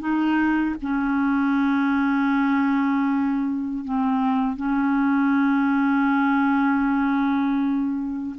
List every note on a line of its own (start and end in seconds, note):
0.00 0.76 D#4
0.82 3.85 C#4
3.85 4.56 C4
4.56 8.36 C#4